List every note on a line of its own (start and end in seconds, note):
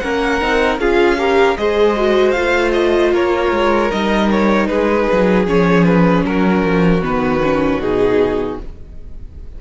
0.00 0.42 A#3
0.00 0.41 C#4
0.00 0.81 A#4
0.00 0.78 F#5
0.41 0.79 C4
0.41 0.80 D#4
0.79 1.56 C#4
0.79 1.18 F4
0.79 1.19 G#4
0.79 1.57 F5
1.18 1.57 G4
1.18 1.58 A#4
1.57 2.36 G#3
1.57 1.97 G#4
1.57 3.14 C5
1.57 2.32 D#5
1.97 2.36 F#4
2.32 3.14 A3
2.32 3.92 F4
2.32 2.71 F5
2.73 3.12 D#5
3.14 3.52 A#3
3.14 4.69 A#4
3.14 3.92 C#5
3.52 3.91 G#3
3.92 4.69 G3
3.92 5.47 D#4
3.92 4.31 D#5
4.31 4.68 C#5
4.68 5.08 G#3
4.68 6.26 G#4
4.68 5.46 B4
5.13 5.47 F#3
5.47 6.25 F3
5.47 7.03 C#4
5.47 5.85 C#5
5.85 6.24 B4
6.25 6.63 F#3
6.25 8.62 F#4
6.25 7.04 A#4
6.64 7.03 F3
7.03 7.79 D#3
7.03 7.42 B3
7.03 7.81 B4
7.44 7.81 C#4
7.79 8.57 B2
7.79 8.59 D#4
7.79 8.59 G#4